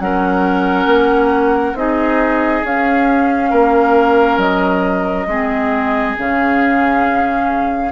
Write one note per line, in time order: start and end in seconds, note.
0.00 0.86 F#3
0.00 1.76 C#4
0.00 1.79 A#4
0.00 1.77 F#5
0.86 1.74 A#3
1.74 2.62 C4
1.74 2.64 D#4
1.74 3.50 G#4
1.74 2.65 D#5
2.64 3.52 C#4
2.64 5.29 C#4
2.64 4.40 F5
3.50 4.38 A#3
3.50 5.27 A#4
4.38 5.26 F#3
4.38 6.16 D#5
5.27 6.15 G#3
5.27 6.17 C4
5.27 7.92 G#4
6.17 7.92 C#3
6.17 7.92 C#4
6.17 7.92 F5